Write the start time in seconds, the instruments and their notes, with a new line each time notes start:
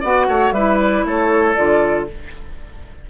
0.00 bassoon B3, clarinet F#4, oboe D5, flute F#5
0.28 bassoon A3, oboe C#5
0.51 bassoon G3, clarinet E4, oboe B4, flute E5
0.80 flute D5
1.04 bassoon A3, oboe A4, flute C#5
1.55 bassoon D3, clarinet F4, flute D5